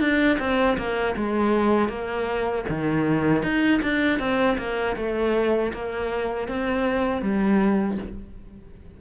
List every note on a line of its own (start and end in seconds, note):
0.00 0.38 D4
0.39 0.77 C4
0.77 1.15 A#3
1.16 1.89 G#3
1.89 2.65 A#3
2.69 3.43 D#3
3.43 3.81 D#4
3.83 4.19 D4
4.19 4.57 C4
4.58 4.96 A#3
4.96 5.72 A3
5.73 6.48 A#3
6.48 7.22 C4
7.22 7.97 G3